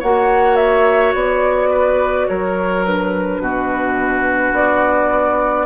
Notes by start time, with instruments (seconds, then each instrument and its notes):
0.00 bassoon A#3, clarinet F#4, oboe C#5, flute F#5
0.57 flute E5
1.14 bassoon B3, flute D5
1.71 oboe B4
2.28 bassoon F#3, oboe A#4, flute C#5
2.85 clarinet D4, flute B4
3.41 bassoon B2, oboe F#4
4.53 bassoon B3, flute D5